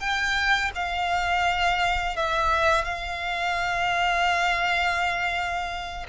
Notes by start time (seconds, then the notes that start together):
0.00 G5
0.75 F5
2.17 E5
2.85 F5